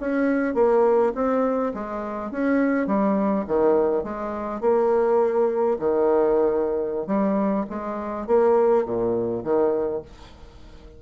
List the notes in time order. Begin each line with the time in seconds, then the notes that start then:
0.00 C#4
0.54 A#3
1.14 C4
1.74 G#3
2.31 C#4
2.86 G3
3.47 D#3
4.04 G#3
4.61 A#3
5.79 D#3
7.07 G3
7.69 G#3
8.26 A#3
8.85 A#2
9.43 D#3